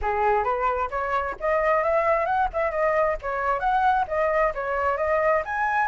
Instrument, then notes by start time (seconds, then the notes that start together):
flute
0.01 G#4
0.43 B4
0.90 C#5
1.40 D#5
1.83 E5
2.25 F#5
2.53 E5
2.71 D#5
3.21 C#5
3.59 F#5
4.07 D#5
4.54 C#5
4.97 D#5
5.45 G#5